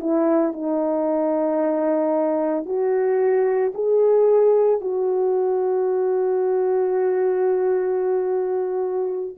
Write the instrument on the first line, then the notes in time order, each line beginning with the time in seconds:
horn
0.00 E4
0.53 D#4
2.65 F#4
3.75 G#4
4.81 F#4